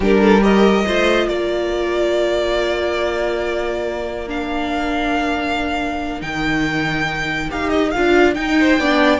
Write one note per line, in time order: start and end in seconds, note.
0.00 0.85 G3
0.00 0.41 D4
0.00 0.20 G4
0.00 0.43 A#4
0.20 0.42 A4
0.41 0.84 G4
0.41 0.85 A#4
0.41 1.28 D#5
0.86 1.28 A3
0.86 4.27 F4
0.86 1.29 C5
1.28 6.21 A#3
1.28 8.58 A#4
1.28 4.28 D5
4.27 6.20 D4
4.27 6.21 F5
6.20 7.50 D#3
6.20 7.48 D#4
6.20 7.50 G5
7.49 7.94 D#4
7.49 7.92 G4
7.49 7.69 F5
7.69 7.91 D#5
7.91 8.36 D4
7.91 8.35 F4
7.91 8.34 F5
8.34 8.77 D#4
8.34 8.78 D#4
8.34 9.19 G5
8.59 8.80 C5
8.78 9.19 B3
8.78 9.19 D4
8.78 9.19 D5